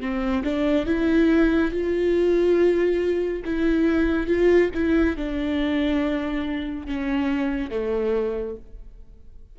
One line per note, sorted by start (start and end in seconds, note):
0.00 0.43 C4
0.43 0.85 D4
0.85 1.71 E4
1.71 3.42 F4
3.44 4.27 E4
4.27 4.70 F4
4.74 5.16 E4
5.16 6.86 D4
6.86 7.70 C#4
7.70 8.56 A3